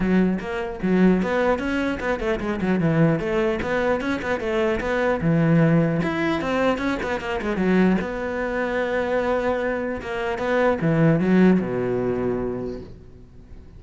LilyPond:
\new Staff \with { instrumentName = "cello" } { \time 4/4 \tempo 4 = 150 fis4 ais4 fis4 b4 | cis'4 b8 a8 gis8 fis8 e4 | a4 b4 cis'8 b8 a4 | b4 e2 e'4 |
c'4 cis'8 b8 ais8 gis8 fis4 | b1~ | b4 ais4 b4 e4 | fis4 b,2. | }